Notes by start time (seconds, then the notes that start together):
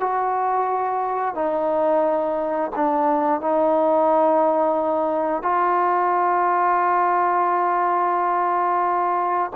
0.00 F#4
1.35 D#4
2.76 D4
3.41 D#4
5.42 F4